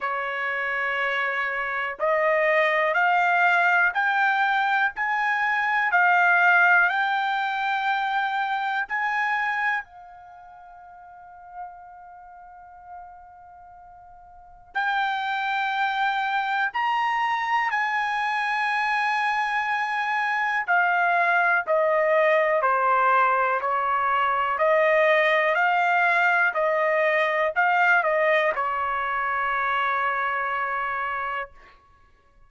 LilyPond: \new Staff \with { instrumentName = "trumpet" } { \time 4/4 \tempo 4 = 61 cis''2 dis''4 f''4 | g''4 gis''4 f''4 g''4~ | g''4 gis''4 f''2~ | f''2. g''4~ |
g''4 ais''4 gis''2~ | gis''4 f''4 dis''4 c''4 | cis''4 dis''4 f''4 dis''4 | f''8 dis''8 cis''2. | }